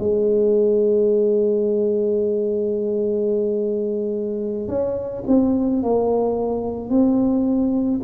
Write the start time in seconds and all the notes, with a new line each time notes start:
0.00 G#3
4.69 C#4
5.28 C4
5.83 A#3
6.90 C4